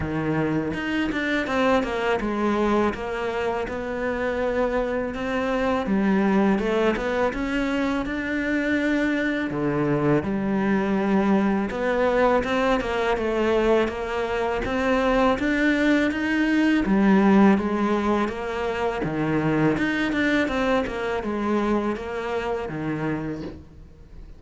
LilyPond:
\new Staff \with { instrumentName = "cello" } { \time 4/4 \tempo 4 = 82 dis4 dis'8 d'8 c'8 ais8 gis4 | ais4 b2 c'4 | g4 a8 b8 cis'4 d'4~ | d'4 d4 g2 |
b4 c'8 ais8 a4 ais4 | c'4 d'4 dis'4 g4 | gis4 ais4 dis4 dis'8 d'8 | c'8 ais8 gis4 ais4 dis4 | }